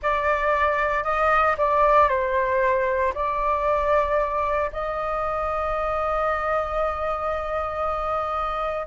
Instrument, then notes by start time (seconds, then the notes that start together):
flute
0.02 D5
1.03 D#5
1.57 D5
2.08 C5
3.14 D5
4.72 D#5